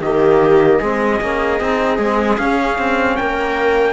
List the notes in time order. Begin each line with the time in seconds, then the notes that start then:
0.00 D#3 A#3 G4 D#5
0.78 G#3 C4 G#4
1.21 A#3 C#4
1.60 C4 D#4
1.98 G#3 C4
2.38 C#4 F5
2.78 C4
3.16 A#3 A#4 G5